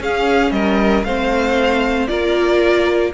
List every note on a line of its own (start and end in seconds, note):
0.00 0.51 C#4
0.00 1.06 C#4
0.00 0.54 G#4
0.00 0.52 F5
0.51 1.03 G3
0.51 1.06 A#4
0.51 1.04 D#5
1.04 2.08 A3
1.04 2.08 C4
1.04 2.09 C5
1.04 2.07 F5
2.07 3.14 A#3
2.07 3.13 F4
2.07 3.13 A#4
2.07 3.12 D5